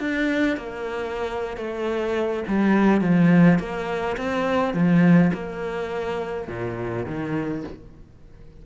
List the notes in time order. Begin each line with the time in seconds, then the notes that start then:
0.00 D4
0.57 A#3
1.57 A3
2.48 G3
3.01 F3
3.59 A#3
4.17 C4
4.74 F3
5.34 A#3
6.48 A#2
7.06 D#3